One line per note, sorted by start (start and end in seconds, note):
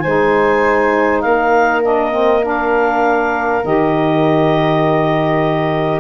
0.00 1.25 G#3
0.00 1.83 D#4
0.00 1.23 C5
0.00 1.20 G#5
1.21 3.64 A#3
1.21 6.00 A#4
1.21 1.81 F5
1.83 2.11 D4
1.83 2.44 D#5
2.11 2.41 C4
2.42 3.62 D4
2.48 3.65 F5
3.64 6.00 D#3
3.64 6.00 G4
3.64 6.00 D#5